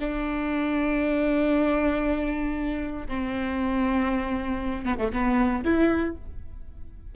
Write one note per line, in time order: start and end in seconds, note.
0.00 3.08 D4
3.08 4.85 C4
4.85 4.98 B3
4.99 5.12 A3
5.13 5.65 B3
5.65 6.16 E4